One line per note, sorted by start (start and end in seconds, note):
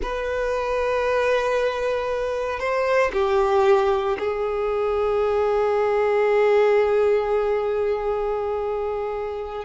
0.02 2.59 B4
2.59 3.11 C5
3.12 4.17 G4
4.18 9.64 G#4